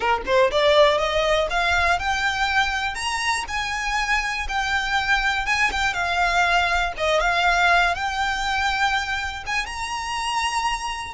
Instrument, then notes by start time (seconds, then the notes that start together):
violin
0.00 A#4
0.25 C5
0.51 D5
0.98 D#5
1.50 F5
1.99 G5
2.94 A#5
3.48 G#5
4.48 G5
5.46 G#5
5.71 G5
5.93 F5
6.97 D#5
7.20 F5
7.95 G5
9.46 G#5
9.66 A#5